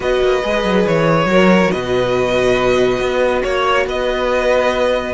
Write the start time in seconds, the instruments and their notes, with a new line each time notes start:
0.00 cello B3, viola F#4, violin B4 D#5
0.21 cello A#3
0.43 cello G#3, viola G#4
0.64 cello F#3
0.87 cello E3, violin C#5
1.25 cello F#3, viola F#4, violin A#4
1.71 cello B2, violin B4 D#5
2.99 cello B3
3.43 cello A#3, violin C#5
3.86 cello B3, violin B4 D#5